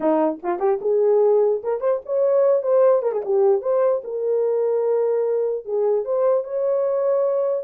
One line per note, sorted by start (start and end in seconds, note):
0.00 0.39 D#4
0.42 0.59 F4
0.59 0.79 G4
0.81 1.61 G#4
1.63 1.80 A#4
1.80 2.00 C5
2.05 2.62 C#5
2.62 3.02 C5
3.02 3.11 A#4
3.11 3.21 G#4
3.24 3.61 G4
3.61 4.02 C5
4.04 5.65 A#4
5.65 6.04 G#4
6.04 6.44 C5
6.44 7.63 C#5